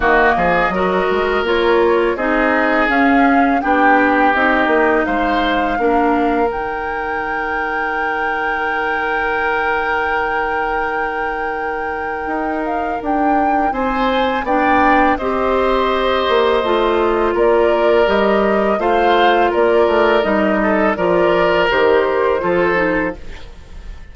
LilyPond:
<<
  \new Staff \with { instrumentName = "flute" } { \time 4/4 \tempo 4 = 83 dis''2 cis''4 dis''4 | f''4 g''4 dis''4 f''4~ | f''4 g''2.~ | g''1~ |
g''4. f''8 g''4 gis''4 | g''4 dis''2. | d''4 dis''4 f''4 d''4 | dis''4 d''4 c''2 | }
  \new Staff \with { instrumentName = "oboe" } { \time 4/4 fis'8 gis'8 ais'2 gis'4~ | gis'4 g'2 c''4 | ais'1~ | ais'1~ |
ais'2. c''4 | d''4 c''2. | ais'2 c''4 ais'4~ | ais'8 a'8 ais'2 a'4 | }
  \new Staff \with { instrumentName = "clarinet" } { \time 4/4 ais4 fis'4 f'4 dis'4 | cis'4 d'4 dis'2 | d'4 dis'2.~ | dis'1~ |
dis'1 | d'4 g'2 f'4~ | f'4 g'4 f'2 | dis'4 f'4 g'4 f'8 dis'8 | }
  \new Staff \with { instrumentName = "bassoon" } { \time 4/4 dis8 f8 fis8 gis8 ais4 c'4 | cis'4 b4 c'8 ais8 gis4 | ais4 dis2.~ | dis1~ |
dis4 dis'4 d'4 c'4 | b4 c'4. ais8 a4 | ais4 g4 a4 ais8 a8 | g4 f4 dis4 f4 | }
>>